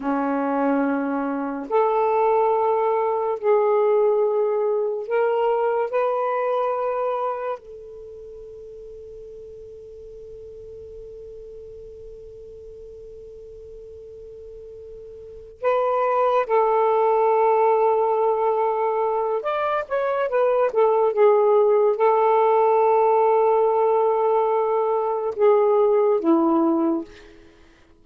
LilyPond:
\new Staff \with { instrumentName = "saxophone" } { \time 4/4 \tempo 4 = 71 cis'2 a'2 | gis'2 ais'4 b'4~ | b'4 a'2.~ | a'1~ |
a'2~ a'8 b'4 a'8~ | a'2. d''8 cis''8 | b'8 a'8 gis'4 a'2~ | a'2 gis'4 e'4 | }